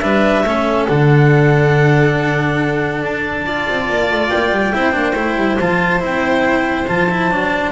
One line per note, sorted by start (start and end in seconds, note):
0.00 0.44 G3
0.00 0.45 D4
0.00 0.46 B4
0.00 0.86 E5
0.44 0.87 A3
0.44 0.89 C#4
0.44 3.46 A4
0.89 3.03 D3
0.89 3.46 D4
0.89 3.03 F#5
3.03 3.67 D4
3.03 4.30 A5
3.46 4.74 F4
3.46 4.75 D5
3.69 3.90 C4
3.90 4.11 A#3
4.11 4.32 A3
4.30 4.52 A#3
4.30 5.58 G5
4.52 4.73 G3
4.74 4.95 C4
4.74 4.93 E4
4.74 7.73 C5
4.93 5.15 A#3
4.93 5.14 D4
5.15 5.37 A3
5.15 5.59 E4
5.37 5.58 G3
5.60 6.03 F3
5.60 6.00 F4
5.60 6.02 A5
6.00 6.89 C4
6.00 6.86 E4
6.00 6.88 G5
6.88 7.31 F3
6.88 7.10 F4
6.88 7.73 A5
7.11 7.32 E4
7.31 7.73 F#3
7.31 7.73 D4